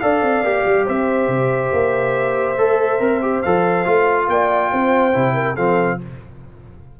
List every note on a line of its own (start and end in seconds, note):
0.00 0.22 D4
0.00 0.44 A4
0.00 0.85 D5
0.00 0.85 F5
0.22 0.43 C4
0.43 0.65 A#3
0.43 2.57 G4
0.66 0.87 G3
0.85 1.28 C4
0.85 4.25 C5
0.85 3.42 E5
1.28 1.70 C3
1.72 2.57 A#3
2.58 3.00 A3
2.58 2.99 A4
2.99 3.43 C4
2.99 3.20 A#4
3.22 3.43 G4
3.42 3.87 F3
3.42 3.85 A4
3.42 4.27 F5
3.85 4.28 A3
3.85 5.13 F4
4.28 4.71 A#3
4.28 4.71 D5
4.28 5.56 G5
4.71 5.15 C4
4.71 5.34 C5
5.13 5.57 C3
5.13 5.56 E4
5.34 5.55 A#4
5.55 6.00 F3
5.55 5.98 C4
5.55 5.98 A4
5.55 5.99 F5